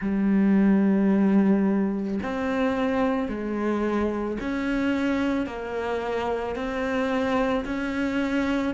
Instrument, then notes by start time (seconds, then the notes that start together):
cello
0.01 G3
2.22 C4
3.28 G#3
4.40 C#4
5.46 A#3
6.55 C4
7.65 C#4